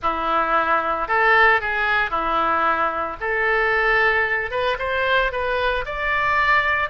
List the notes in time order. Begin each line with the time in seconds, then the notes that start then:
0.02 E4
1.08 A4
1.60 G#4
2.10 E4
3.20 A4
4.50 B4
4.78 C5
5.31 B4
5.85 D5